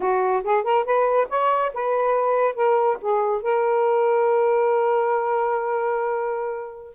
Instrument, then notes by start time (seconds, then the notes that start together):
saxophone
0.00 F#4
0.43 G#4
0.63 A#4
0.85 B4
1.29 C#5
1.73 B4
2.54 A#4
3.01 G#4
3.42 A#4